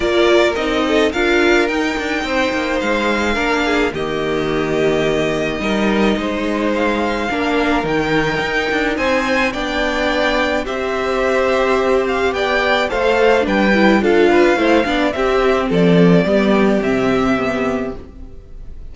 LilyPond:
<<
  \new Staff \with { instrumentName = "violin" } { \time 4/4 \tempo 4 = 107 d''4 dis''4 f''4 g''4~ | g''4 f''2 dis''4~ | dis''1 | f''2 g''2 |
gis''4 g''2 e''4~ | e''4. f''8 g''4 f''4 | g''4 f''2 e''4 | d''2 e''2 | }
  \new Staff \with { instrumentName = "violin" } { \time 4/4 ais'4. a'8 ais'2 | c''2 ais'8 gis'8 g'4~ | g'2 ais'4 c''4~ | c''4 ais'2. |
c''4 d''2 c''4~ | c''2 d''4 c''4 | b'4 a'8 b'8 c''8 d''8 g'4 | a'4 g'2. | }
  \new Staff \with { instrumentName = "viola" } { \time 4/4 f'4 dis'4 f'4 dis'4~ | dis'2 d'4 ais4~ | ais2 dis'2~ | dis'4 d'4 dis'2~ |
dis'4 d'2 g'4~ | g'2. a'4 | d'8 e'8 f'4 e'8 d'8 c'4~ | c'4 b4 c'4 b4 | }
  \new Staff \with { instrumentName = "cello" } { \time 4/4 ais4 c'4 d'4 dis'8 d'8 | c'8 ais8 gis4 ais4 dis4~ | dis2 g4 gis4~ | gis4 ais4 dis4 dis'8 d'8 |
c'4 b2 c'4~ | c'2 b4 a4 | g4 d'4 a8 b8 c'4 | f4 g4 c2 | }
>>